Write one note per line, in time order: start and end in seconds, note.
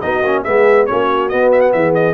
0.00 0.22 B3
0.00 0.23 D#4
0.00 0.44 F#4
0.00 0.43 D#5
0.22 0.43 A#3
0.22 0.45 C#4
0.44 0.89 G#3
0.44 0.88 B3
0.44 0.86 G#4
0.44 0.86 E5
0.86 1.33 A#3
0.86 1.30 C#4
0.86 1.75 F#4
0.86 1.29 C#5
1.29 2.14 B3
1.29 1.74 B3
1.29 1.50 D#5
1.51 1.61 E5
1.61 1.72 F#5
1.72 2.14 E3
1.72 2.14 G#4
1.72 1.94 E5
1.94 2.14 D#5